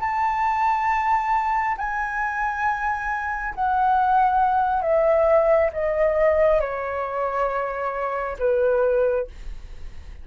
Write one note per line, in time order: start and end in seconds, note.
0.00 1.76 A5
1.78 3.54 G#5
3.55 4.82 F#5
4.82 5.70 E5
5.73 6.60 D#5
6.60 8.37 C#5
8.39 9.27 B4